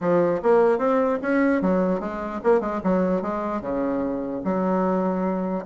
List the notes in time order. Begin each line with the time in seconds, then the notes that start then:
0.00 F3
0.42 A#3
0.78 C4
1.22 C#4
1.61 F#3
2.00 G#3
2.43 A#3
2.60 G#3
2.83 F#3
3.22 G#3
3.61 C#3
4.44 F#3